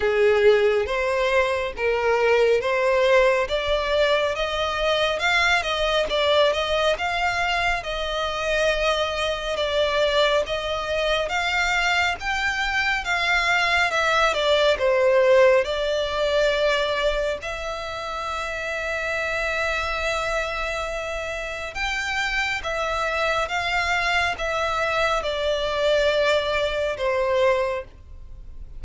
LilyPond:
\new Staff \with { instrumentName = "violin" } { \time 4/4 \tempo 4 = 69 gis'4 c''4 ais'4 c''4 | d''4 dis''4 f''8 dis''8 d''8 dis''8 | f''4 dis''2 d''4 | dis''4 f''4 g''4 f''4 |
e''8 d''8 c''4 d''2 | e''1~ | e''4 g''4 e''4 f''4 | e''4 d''2 c''4 | }